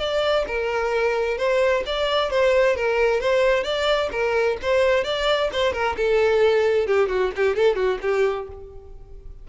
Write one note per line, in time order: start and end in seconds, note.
0.00 0.46 D5
0.48 1.38 A#4
1.38 1.84 C5
1.87 2.31 D5
2.31 2.77 C5
2.77 3.21 A#4
3.21 3.64 C5
3.64 4.10 D5
4.12 4.58 A#4
4.63 5.05 C5
5.05 5.50 D5
5.53 5.74 C5
5.74 5.96 A#4
5.97 6.87 A4
6.87 7.09 G4
7.09 7.32 F#4
7.37 7.56 G4
7.56 7.76 A4
7.76 7.99 F#4
8.02 8.48 G4